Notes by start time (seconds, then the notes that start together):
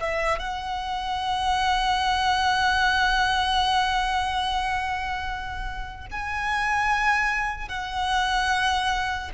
0.00 E5
0.39 F#5
6.11 G#5
7.68 F#5